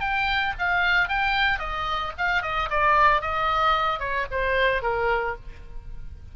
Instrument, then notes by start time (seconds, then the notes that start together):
oboe
0.00 G5
0.58 F5
1.08 G5
1.59 D#5
2.17 F5
2.42 D#5
2.70 D5
3.21 D#5
3.99 C#5
4.31 C5
4.82 A#4